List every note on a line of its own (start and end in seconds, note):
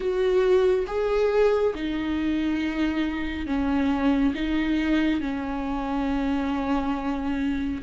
0.00 0.85 F#4
0.87 1.74 G#4
1.74 3.46 D#4
3.46 4.33 C#4
4.34 5.20 D#4
5.20 7.81 C#4